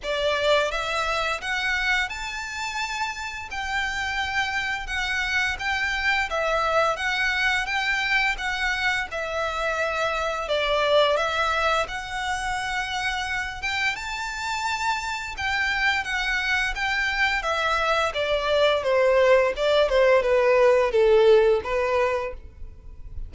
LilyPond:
\new Staff \with { instrumentName = "violin" } { \time 4/4 \tempo 4 = 86 d''4 e''4 fis''4 a''4~ | a''4 g''2 fis''4 | g''4 e''4 fis''4 g''4 | fis''4 e''2 d''4 |
e''4 fis''2~ fis''8 g''8 | a''2 g''4 fis''4 | g''4 e''4 d''4 c''4 | d''8 c''8 b'4 a'4 b'4 | }